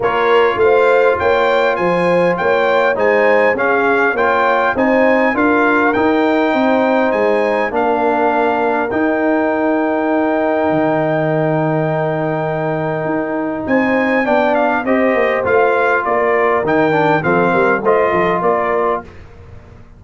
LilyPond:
<<
  \new Staff \with { instrumentName = "trumpet" } { \time 4/4 \tempo 4 = 101 cis''4 f''4 g''4 gis''4 | g''4 gis''4 f''4 g''4 | gis''4 f''4 g''2 | gis''4 f''2 g''4~ |
g''1~ | g''2. gis''4 | g''8 f''8 dis''4 f''4 d''4 | g''4 f''4 dis''4 d''4 | }
  \new Staff \with { instrumentName = "horn" } { \time 4/4 ais'4 c''4 cis''4 c''4 | cis''4 c''4 gis'4 cis''4 | c''4 ais'2 c''4~ | c''4 ais'2.~ |
ais'1~ | ais'2. c''4 | d''4 c''2 ais'4~ | ais'4 a'8 ais'8 c''8 a'8 ais'4 | }
  \new Staff \with { instrumentName = "trombone" } { \time 4/4 f'1~ | f'4 dis'4 cis'4 f'4 | dis'4 f'4 dis'2~ | dis'4 d'2 dis'4~ |
dis'1~ | dis'1 | d'4 g'4 f'2 | dis'8 d'8 c'4 f'2 | }
  \new Staff \with { instrumentName = "tuba" } { \time 4/4 ais4 a4 ais4 f4 | ais4 gis4 cis'4 ais4 | c'4 d'4 dis'4 c'4 | gis4 ais2 dis'4~ |
dis'2 dis2~ | dis2 dis'4 c'4 | b4 c'8 ais8 a4 ais4 | dis4 f8 g8 a8 f8 ais4 | }
>>